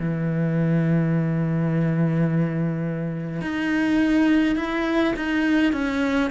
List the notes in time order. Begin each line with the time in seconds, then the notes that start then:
0.00 E3
3.42 D#4
4.56 E4
5.17 D#4
5.73 C#4